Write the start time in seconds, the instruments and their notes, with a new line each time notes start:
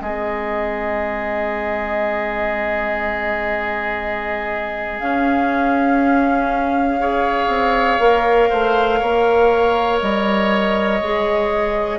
0.00 bassoon G#3, clarinet C4, oboe G#4, flute D#5
4.99 bassoon C#4, clarinet C#4, flute F5
6.99 clarinet G#4, oboe C#5
7.47 bassoon C4
7.99 bassoon A#3, clarinet A#4
8.49 bassoon A3, oboe C5
8.99 bassoon A#3, oboe C#5
9.99 bassoon G3, flute D#5
11.00 bassoon G#3, clarinet G#4